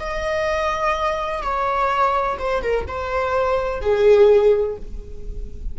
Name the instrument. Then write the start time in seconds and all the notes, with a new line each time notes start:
viola
0.00 D#5
1.42 C#5
2.39 C5
2.62 A#4
2.87 C5
3.81 G#4